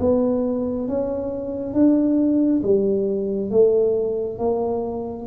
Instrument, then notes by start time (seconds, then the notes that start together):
tuba
0.00 B3
0.89 C#4
1.74 D4
2.63 G3
3.51 A3
4.39 A#3